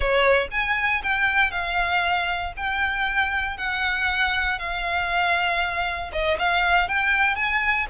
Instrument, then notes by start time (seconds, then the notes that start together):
violin
0.00 C#5
0.51 G#5
1.03 G5
1.51 F5
2.57 G5
3.57 F#5
4.58 F5
6.12 D#5
6.39 F5
6.88 G5
7.35 G#5